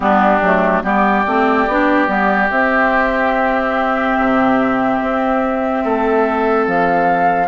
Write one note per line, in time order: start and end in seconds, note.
0.00 0.40 G3
0.00 0.40 B3
0.00 0.83 D4
0.00 0.81 G4
0.41 0.82 F#3
0.41 0.83 A3
0.83 1.25 G3
0.83 1.24 B3
0.83 5.83 G4
0.83 2.49 D5
1.26 1.67 A3
1.26 1.68 C4
1.67 2.08 B3
1.67 2.07 D4
2.07 2.49 G3
2.07 2.49 B3
2.49 4.17 C4
2.49 7.47 C4
2.49 6.66 E5
4.17 5.01 C3
5.01 5.84 C4
5.84 6.66 A3
5.84 7.47 A4
6.66 7.47 F3
6.66 7.47 F5